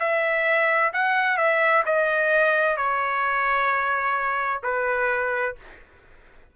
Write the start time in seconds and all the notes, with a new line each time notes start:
0.00 E5
0.94 F#5
1.37 E5
1.86 D#5
2.77 C#5
4.64 B4